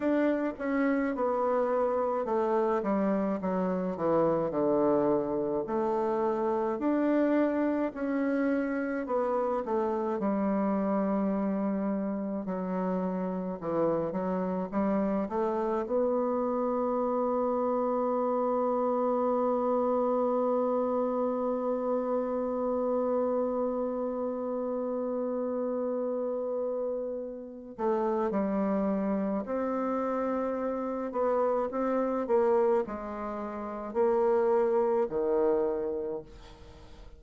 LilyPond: \new Staff \with { instrumentName = "bassoon" } { \time 4/4 \tempo 4 = 53 d'8 cis'8 b4 a8 g8 fis8 e8 | d4 a4 d'4 cis'4 | b8 a8 g2 fis4 | e8 fis8 g8 a8 b2~ |
b1~ | b1~ | b8 a8 g4 c'4. b8 | c'8 ais8 gis4 ais4 dis4 | }